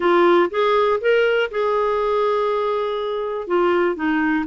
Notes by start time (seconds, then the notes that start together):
0.00 F4
0.50 G#4
1.01 A#4
1.50 G#4
3.47 F4
3.95 D#4